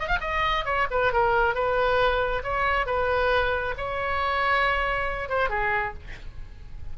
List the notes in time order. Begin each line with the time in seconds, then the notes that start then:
0.00 D#5
0.08 F5
0.21 D#5
0.65 C#5
0.91 B4
1.13 A#4
1.55 B4
2.44 C#5
2.87 B4
3.78 C#5
5.29 C5
5.50 G#4